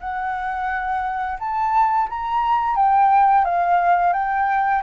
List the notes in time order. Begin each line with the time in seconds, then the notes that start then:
0.00 F#5
1.39 A5
2.09 A#5
2.75 G5
3.44 F5
4.13 G5